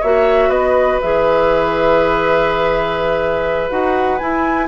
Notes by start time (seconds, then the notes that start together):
0.00 A#3 F#4 C#5 E5
0.49 B3 B4 D#5
1.01 E3 G#4 E5
3.70 D#4 F#4 F#5
4.18 E4 G#5